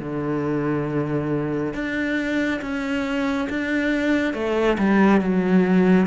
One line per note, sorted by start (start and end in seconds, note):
0.00 1.74 D3
1.74 2.61 D4
2.62 3.49 C#4
3.50 4.34 D4
4.34 4.78 A3
4.78 5.21 G3
5.21 6.07 F#3